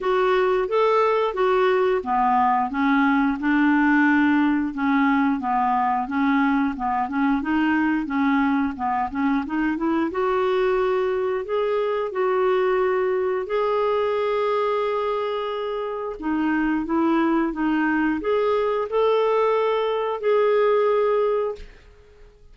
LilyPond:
\new Staff \with { instrumentName = "clarinet" } { \time 4/4 \tempo 4 = 89 fis'4 a'4 fis'4 b4 | cis'4 d'2 cis'4 | b4 cis'4 b8 cis'8 dis'4 | cis'4 b8 cis'8 dis'8 e'8 fis'4~ |
fis'4 gis'4 fis'2 | gis'1 | dis'4 e'4 dis'4 gis'4 | a'2 gis'2 | }